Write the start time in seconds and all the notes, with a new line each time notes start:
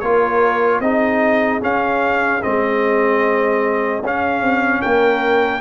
0.00 A#3 F4 A#4 C#5
0.80 C4 D#4 G#4 D#5
1.61 C#4 F5
2.42 G#3 C4 D#5
4.02 C#4 F5
4.42 C4
4.81 A#3 A#4 G5